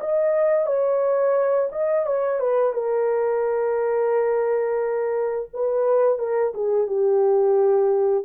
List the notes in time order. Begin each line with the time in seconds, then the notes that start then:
0.00 D#5
0.66 C#5
1.72 D#5
2.06 C#5
2.39 B4
2.73 A#4
5.53 B4
6.18 A#4
6.54 G#4
6.87 G4